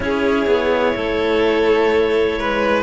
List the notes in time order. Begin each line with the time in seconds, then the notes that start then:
0.00 C#4 E4 G#4 C#5
0.46 B3
0.96 A3 A4
2.37 G#3 B4